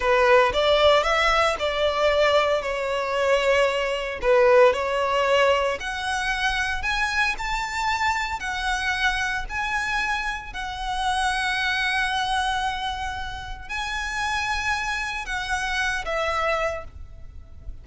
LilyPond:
\new Staff \with { instrumentName = "violin" } { \time 4/4 \tempo 4 = 114 b'4 d''4 e''4 d''4~ | d''4 cis''2. | b'4 cis''2 fis''4~ | fis''4 gis''4 a''2 |
fis''2 gis''2 | fis''1~ | fis''2 gis''2~ | gis''4 fis''4. e''4. | }